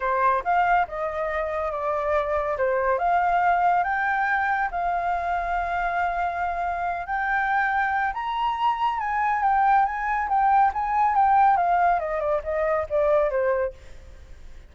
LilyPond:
\new Staff \with { instrumentName = "flute" } { \time 4/4 \tempo 4 = 140 c''4 f''4 dis''2 | d''2 c''4 f''4~ | f''4 g''2 f''4~ | f''1~ |
f''8 g''2~ g''8 ais''4~ | ais''4 gis''4 g''4 gis''4 | g''4 gis''4 g''4 f''4 | dis''8 d''8 dis''4 d''4 c''4 | }